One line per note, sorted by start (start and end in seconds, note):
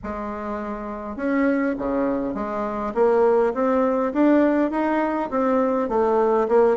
0.03 1.16 G#3
1.16 1.75 C#4
1.78 2.34 C#3
2.34 2.93 G#3
2.94 3.53 A#3
3.54 4.13 C4
4.13 4.70 D4
4.70 5.29 D#4
5.30 5.89 C4
5.89 6.47 A3
6.48 6.76 A#3